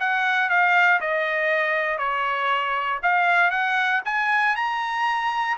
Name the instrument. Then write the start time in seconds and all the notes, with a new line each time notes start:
trumpet
0.00 F#5
0.49 F5
1.01 D#5
1.98 C#5
3.03 F5
3.51 F#5
4.05 G#5
4.56 A#5